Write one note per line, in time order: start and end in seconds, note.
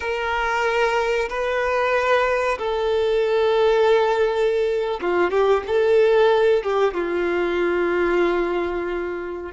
0.00 1.28 A#4
1.29 2.58 B4
2.58 5.00 A4
5.01 5.30 F4
5.30 5.63 G4
5.67 6.63 A4
6.63 6.94 G4
6.94 9.52 F4